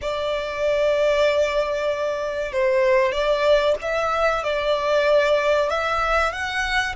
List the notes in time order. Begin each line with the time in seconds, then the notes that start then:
0.01 D5
2.52 C5
3.11 D5
3.81 E5
4.43 D5
5.69 E5
6.32 F#5